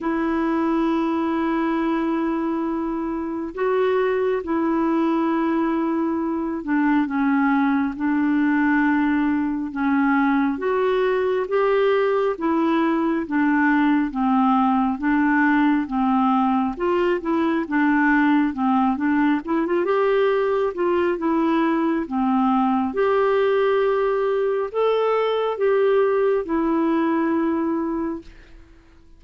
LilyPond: \new Staff \with { instrumentName = "clarinet" } { \time 4/4 \tempo 4 = 68 e'1 | fis'4 e'2~ e'8 d'8 | cis'4 d'2 cis'4 | fis'4 g'4 e'4 d'4 |
c'4 d'4 c'4 f'8 e'8 | d'4 c'8 d'8 e'16 f'16 g'4 f'8 | e'4 c'4 g'2 | a'4 g'4 e'2 | }